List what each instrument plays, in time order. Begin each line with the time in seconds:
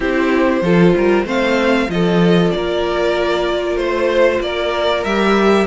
0.00 cello C4, viola E4, violin G4 C5
0.61 cello F3, viola F4, violin A4
0.96 cello G3, violin A#4
1.24 cello A3, viola C4, violin C5 F5
1.88 cello F3, viola F4, violin A4 D#5
2.51 cello A#3, violin A#4 D5
3.76 cello A3, violin C5
4.40 cello A#3, violin A#4 D5
5.03 cello G3, viola G4, violin E5